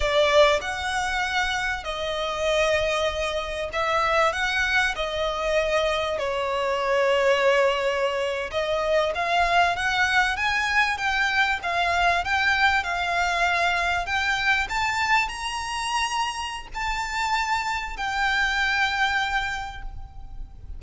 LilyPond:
\new Staff \with { instrumentName = "violin" } { \time 4/4 \tempo 4 = 97 d''4 fis''2 dis''4~ | dis''2 e''4 fis''4 | dis''2 cis''2~ | cis''4.~ cis''16 dis''4 f''4 fis''16~ |
fis''8. gis''4 g''4 f''4 g''16~ | g''8. f''2 g''4 a''16~ | a''8. ais''2~ ais''16 a''4~ | a''4 g''2. | }